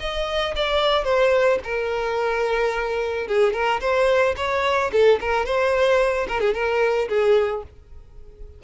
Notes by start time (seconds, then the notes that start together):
0.00 D#5
0.56 D5
1.04 C5
1.64 A#4
3.27 G#4
3.53 A#4
3.81 C5
4.37 C#5
4.92 A4
5.21 A#4
5.45 C5
6.28 A#4
6.40 G#4
6.54 A#4
7.09 G#4